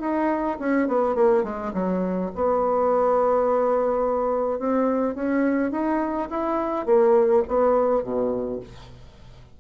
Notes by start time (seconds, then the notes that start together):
0.00 D#4
0.59 C#4
0.88 B3
1.15 A#3
1.44 G#3
1.73 F#3
2.35 B3
4.59 C4
5.15 C#4
5.71 D#4
6.30 E4
6.86 A#3
7.48 B3
8.03 B2